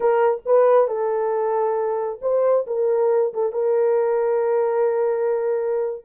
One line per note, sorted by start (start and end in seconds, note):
0.00 0.41 A#4
0.45 0.87 B4
0.87 2.19 A4
2.21 2.66 C5
2.67 3.33 A#4
3.33 3.52 A4
3.52 6.05 A#4